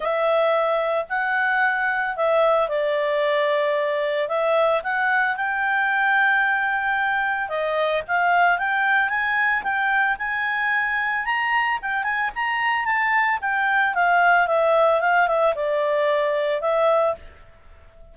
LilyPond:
\new Staff \with { instrumentName = "clarinet" } { \time 4/4 \tempo 4 = 112 e''2 fis''2 | e''4 d''2. | e''4 fis''4 g''2~ | g''2 dis''4 f''4 |
g''4 gis''4 g''4 gis''4~ | gis''4 ais''4 g''8 gis''8 ais''4 | a''4 g''4 f''4 e''4 | f''8 e''8 d''2 e''4 | }